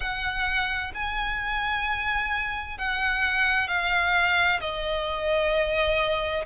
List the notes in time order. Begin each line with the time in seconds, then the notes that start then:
0.00 F#5
0.94 G#5
2.78 F#5
3.67 F5
4.60 D#5